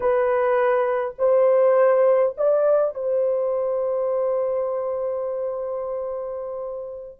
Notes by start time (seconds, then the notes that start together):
0.00 B4
1.18 C5
2.37 D5
2.94 C5